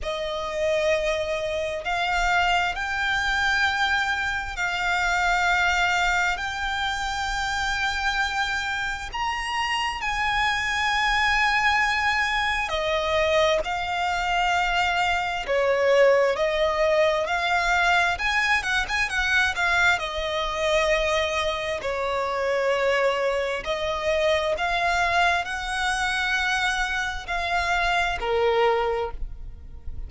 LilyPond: \new Staff \with { instrumentName = "violin" } { \time 4/4 \tempo 4 = 66 dis''2 f''4 g''4~ | g''4 f''2 g''4~ | g''2 ais''4 gis''4~ | gis''2 dis''4 f''4~ |
f''4 cis''4 dis''4 f''4 | gis''8 fis''16 gis''16 fis''8 f''8 dis''2 | cis''2 dis''4 f''4 | fis''2 f''4 ais'4 | }